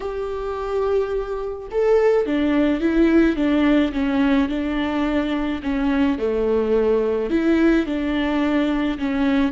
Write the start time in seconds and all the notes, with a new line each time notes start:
0.00 G4
1.71 A4
2.26 D4
2.80 E4
3.35 D4
3.92 C#4
4.49 D4
5.62 C#4
6.18 A3
7.30 E4
7.86 D4
8.98 C#4